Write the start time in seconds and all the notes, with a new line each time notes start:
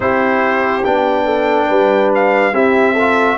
0.00 C4 E4 G4 C5
0.84 B3 D4 G5
1.24 A4
1.68 G3 B4
2.14 F5
2.52 C4 E4 G4 E5
2.93 F4 A4